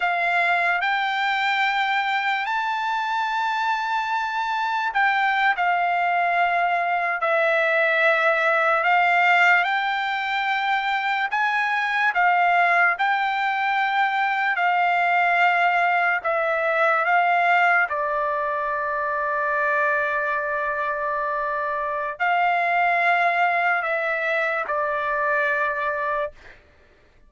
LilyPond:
\new Staff \with { instrumentName = "trumpet" } { \time 4/4 \tempo 4 = 73 f''4 g''2 a''4~ | a''2 g''8. f''4~ f''16~ | f''8. e''2 f''4 g''16~ | g''4.~ g''16 gis''4 f''4 g''16~ |
g''4.~ g''16 f''2 e''16~ | e''8. f''4 d''2~ d''16~ | d''2. f''4~ | f''4 e''4 d''2 | }